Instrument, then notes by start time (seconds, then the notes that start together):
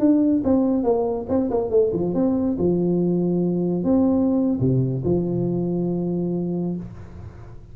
tuba
0.00 D4
0.45 C4
0.84 A#3
1.29 C4
1.51 A#3
1.71 A3
1.93 F3
2.15 C4
2.59 F3
3.84 C4
4.60 C3
5.05 F3